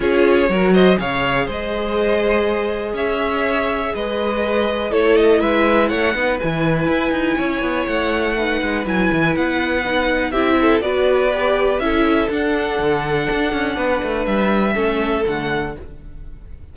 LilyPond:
<<
  \new Staff \with { instrumentName = "violin" } { \time 4/4 \tempo 4 = 122 cis''4. dis''8 f''4 dis''4~ | dis''2 e''2 | dis''2 cis''8 dis''8 e''4 | fis''4 gis''2. |
fis''2 gis''4 fis''4~ | fis''4 e''4 d''2 | e''4 fis''2.~ | fis''4 e''2 fis''4 | }
  \new Staff \with { instrumentName = "violin" } { \time 4/4 gis'4 ais'8 c''8 cis''4 c''4~ | c''2 cis''2 | b'2 a'4 b'4 | cis''8 b'2~ b'8 cis''4~ |
cis''4 b'2.~ | b'4 g'8 a'8 b'2 | a'1 | b'2 a'2 | }
  \new Staff \with { instrumentName = "viola" } { \time 4/4 f'4 fis'4 gis'2~ | gis'1~ | gis'2 e'2~ | e'8 dis'8 e'2.~ |
e'4 dis'4 e'2 | dis'4 e'4 fis'4 g'4 | e'4 d'2.~ | d'2 cis'4 a4 | }
  \new Staff \with { instrumentName = "cello" } { \time 4/4 cis'4 fis4 cis4 gis4~ | gis2 cis'2 | gis2 a4 gis4 | a8 b8 e4 e'8 dis'8 cis'8 b8 |
a4. gis8 fis8 e8 b4~ | b4 c'4 b2 | cis'4 d'4 d4 d'8 cis'8 | b8 a8 g4 a4 d4 | }
>>